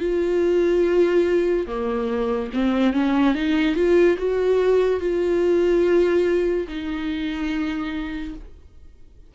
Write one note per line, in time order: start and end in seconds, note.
0.00 1.67 F4
1.67 2.50 A#3
2.53 2.93 C4
2.93 3.34 C#4
3.34 3.75 D#4
3.75 4.17 F4
4.18 5.00 F#4
5.00 6.67 F4
6.68 8.34 D#4